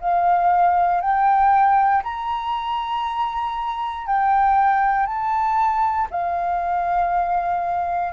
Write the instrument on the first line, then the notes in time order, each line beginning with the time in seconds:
flute
0.00 F5
1.01 G5
2.03 A#5
4.06 G5
5.06 A5
6.11 F5